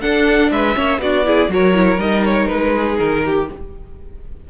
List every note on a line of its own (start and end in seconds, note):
0.00 0.74 D4
0.00 0.51 D4
0.00 0.51 A4
0.00 0.50 F#5
0.51 0.75 G#3
0.51 0.76 B4
0.51 1.00 E5
0.74 0.98 A#3
0.74 0.98 C#4
0.74 1.00 C#5
0.98 1.47 B3
0.98 1.24 D4
0.98 1.25 F#4
0.98 1.50 D5
1.24 1.49 E4
1.24 1.51 G#4
1.48 1.97 F#3
1.48 1.74 F#4
1.48 2.73 A#4
1.48 1.99 C#5
1.74 1.98 E4
1.97 2.46 G3
1.97 3.46 D#4
1.97 2.24 D#5
2.24 2.47 C#5
2.47 2.99 G#3
2.47 2.97 B4
2.73 3.22 G#4
2.98 3.48 D#3
2.98 3.47 A#4
3.25 3.50 G4